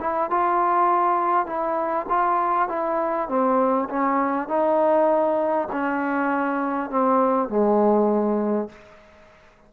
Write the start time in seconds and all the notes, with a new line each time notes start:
0.00 E4
0.31 F4
1.46 E4
2.09 F4
2.69 E4
3.28 C4
3.89 C#4
4.48 D#4
5.72 C#4
6.90 C4
7.49 G#3